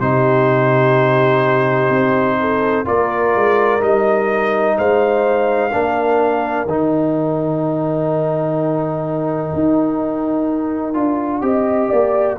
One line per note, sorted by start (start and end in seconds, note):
0.00 1.90 C3
0.00 2.85 D#4
0.00 2.39 G4
0.00 2.86 C5
1.90 2.85 C4
2.40 2.87 A4
2.85 3.36 A#3
2.85 3.80 F4
2.85 4.77 A#4
2.85 3.83 D5
3.36 3.82 G#3
3.80 4.78 G3
3.80 5.71 D#4
3.80 4.78 D#5
4.77 5.73 G#3
4.77 5.72 C5
4.77 6.67 F5
5.72 6.66 A#3
5.72 6.68 D4
5.72 11.43 A#4
6.66 9.52 D#3
6.66 10.94 D#4
6.66 12.39 G5
9.54 10.95 D#4
10.94 11.42 D4
10.94 11.41 F4
11.41 11.90 C4
11.41 12.37 G4
11.41 11.89 D#5
11.89 12.39 A#3
11.89 12.37 D5